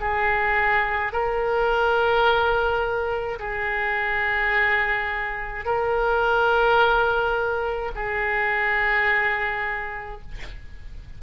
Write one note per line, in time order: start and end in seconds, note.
0.00 1.12 G#4
1.12 3.39 A#4
3.39 5.65 G#4
5.65 7.91 A#4
7.95 10.21 G#4